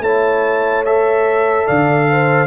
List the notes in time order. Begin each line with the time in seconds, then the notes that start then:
0.00 A3 E4 C#5 A5
0.85 A4 E5
1.66 D3 D5 F5
2.09 C5